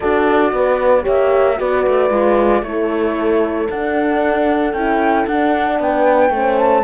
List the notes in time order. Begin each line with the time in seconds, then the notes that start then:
0.00 D4 F#4 A4 D5
0.52 B3 B4
1.02 A#3 G4 C#5 E5
1.57 B3 F#4 B4 D5
1.87 A3
2.10 G#3 F4
2.62 A3 E4 A4 C#5
3.69 D4 F#5
4.73 C#4 E4 G5
5.26 D4 F#5
5.79 B3 B4 G5
6.29 A3 C#4 C5
6.57 A5